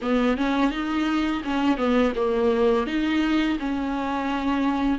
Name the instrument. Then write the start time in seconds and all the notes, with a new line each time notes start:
viola
0.01 B3
0.37 C#4
0.70 D#4
1.44 C#4
1.77 B3
2.15 A#3
2.86 D#4
3.59 C#4